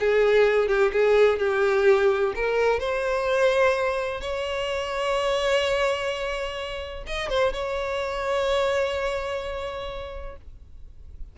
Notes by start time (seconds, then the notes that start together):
0.00 G#4
0.68 G4
0.93 G#4
1.39 G4
2.36 A#4
2.80 C5
4.21 C#5
7.07 D#5
7.30 C5
7.53 C#5